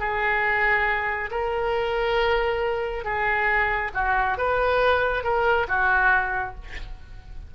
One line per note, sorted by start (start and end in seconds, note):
0.00 1.30 G#4
1.31 3.05 A#4
3.05 3.92 G#4
3.94 4.38 F#4
4.38 5.24 B4
5.24 5.67 A#4
5.68 6.55 F#4